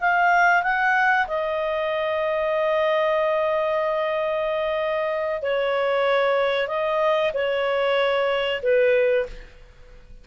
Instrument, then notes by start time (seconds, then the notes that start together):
clarinet
0.00 F5
0.63 F#5
1.27 D#5
5.42 C#5
6.68 D#5
7.33 C#5
8.62 B4